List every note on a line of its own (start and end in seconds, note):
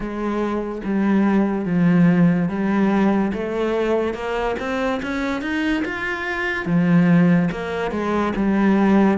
0.00 0.81 G#3
0.84 1.65 G3
1.65 2.48 F3
2.48 3.32 G3
3.33 4.14 A3
4.14 4.55 A#3
4.59 5.00 C4
5.02 5.41 C#4
5.41 5.83 D#4
5.84 6.65 F4
6.65 7.48 F3
7.52 7.91 A#3
7.91 8.33 G#3
8.36 9.18 G3